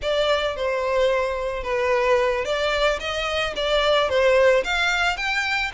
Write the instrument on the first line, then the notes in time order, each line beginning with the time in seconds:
violin
0.02 D5
0.56 C5
1.63 B4
2.44 D5
2.99 D#5
3.56 D5
4.09 C5
4.63 F5
5.16 G5